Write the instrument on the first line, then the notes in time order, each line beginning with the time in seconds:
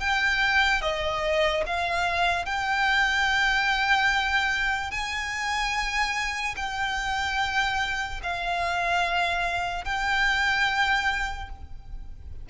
violin
0.00 G5
0.82 D#5
1.67 F5
2.46 G5
4.91 G#5
6.57 G5
8.23 F5
9.85 G5